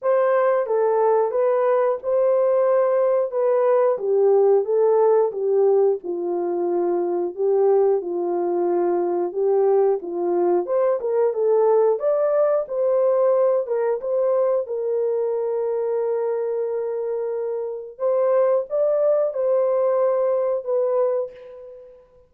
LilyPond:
\new Staff \with { instrumentName = "horn" } { \time 4/4 \tempo 4 = 90 c''4 a'4 b'4 c''4~ | c''4 b'4 g'4 a'4 | g'4 f'2 g'4 | f'2 g'4 f'4 |
c''8 ais'8 a'4 d''4 c''4~ | c''8 ais'8 c''4 ais'2~ | ais'2. c''4 | d''4 c''2 b'4 | }